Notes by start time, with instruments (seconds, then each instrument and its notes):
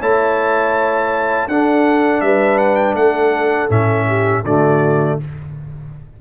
0.00 tuba A3, trombone E4, horn C#5, trumpet A5
1.48 tuba D4, trombone D4, horn A4, trumpet F#5
2.21 tuba G3, horn B4, trumpet E5
2.58 trumpet F#5
2.75 trumpet G5
2.94 tuba A3, horn A4, trumpet F#5
3.69 tuba A2, trombone C#4, trumpet E5
4.07 horn G4
4.44 tuba D3, trombone A3, horn F#4, trumpet D5